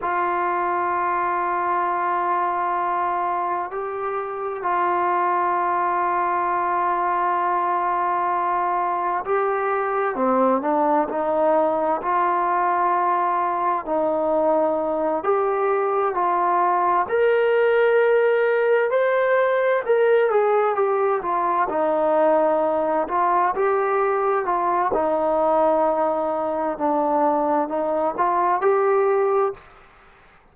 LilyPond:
\new Staff \with { instrumentName = "trombone" } { \time 4/4 \tempo 4 = 65 f'1 | g'4 f'2.~ | f'2 g'4 c'8 d'8 | dis'4 f'2 dis'4~ |
dis'8 g'4 f'4 ais'4.~ | ais'8 c''4 ais'8 gis'8 g'8 f'8 dis'8~ | dis'4 f'8 g'4 f'8 dis'4~ | dis'4 d'4 dis'8 f'8 g'4 | }